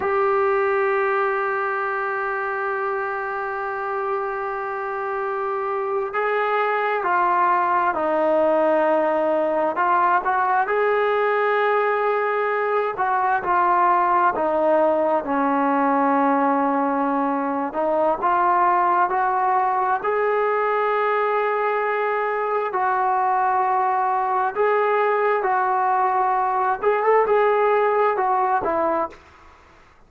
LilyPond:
\new Staff \with { instrumentName = "trombone" } { \time 4/4 \tempo 4 = 66 g'1~ | g'2~ g'8. gis'4 f'16~ | f'8. dis'2 f'8 fis'8 gis'16~ | gis'2~ gis'16 fis'8 f'4 dis'16~ |
dis'8. cis'2~ cis'8. dis'8 | f'4 fis'4 gis'2~ | gis'4 fis'2 gis'4 | fis'4. gis'16 a'16 gis'4 fis'8 e'8 | }